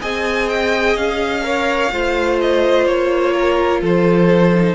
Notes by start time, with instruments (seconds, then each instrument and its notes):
0.00 cello C4, viola G#4, violin D#5 G#5
0.49 violin G5
0.96 cello C#4, violin F5
1.43 viola A#4, violin C#5
1.91 cello A3, viola F4, violin C5
2.40 violin D#5
2.86 cello A#3, violin C#5
3.33 violin A#4
3.81 cello F3, violin A4 C5
4.54 viola D#4